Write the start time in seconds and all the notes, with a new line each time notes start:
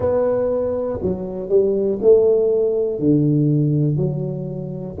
0.00 B3
1.02 F#3
1.49 G3
2.01 A3
2.99 D3
3.96 F#3